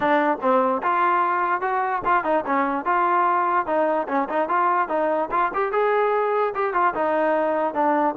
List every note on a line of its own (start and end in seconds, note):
0.00 0.38 D4
0.41 0.82 C4
0.83 1.61 F4
1.61 2.02 F#4
2.04 2.24 F4
2.24 2.44 D#4
2.46 2.85 C#4
2.85 3.66 F4
3.66 4.07 D#4
4.08 4.28 C#4
4.29 4.48 D#4
4.48 4.88 F4
4.88 5.29 D#4
5.31 5.51 F4
5.53 5.72 G4
5.72 6.53 G#4
6.55 6.73 G4
6.73 6.94 F4
6.94 7.74 D#4
7.74 8.14 D4